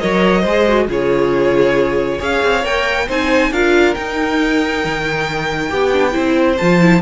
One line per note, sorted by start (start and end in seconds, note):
0.00 0.46 F#3
0.00 0.44 A#4
0.00 0.41 C#5
0.00 0.88 D#5
0.41 0.88 G#3
0.41 0.85 C5
0.48 0.68 G#4
0.68 0.89 F#4
0.88 2.19 C#3
0.88 2.20 F4
0.88 2.19 G#4
0.88 2.23 C#5
2.19 2.43 C#4
2.19 2.63 G#4
2.19 3.06 C#5
2.19 2.65 F5
2.43 2.65 C4
2.64 3.08 A#3
2.64 3.08 A#4
2.64 3.09 G5
3.08 3.51 C4
3.08 3.53 D#4
3.08 3.51 C5
3.08 3.53 G#5
3.51 3.95 D4
3.51 3.96 F4
3.51 5.70 A#4
3.51 3.94 F5
3.94 5.70 D#4
3.94 4.85 D#4
3.94 6.57 G5
4.85 5.72 D#3
5.70 6.16 B3
5.70 5.92 G4
5.70 6.14 G4
5.93 6.12 D4
6.12 6.60 C4
6.12 6.55 E4
6.12 7.01 C5
6.58 7.02 F3
6.58 6.81 F4
6.58 7.02 A5
6.81 7.02 E4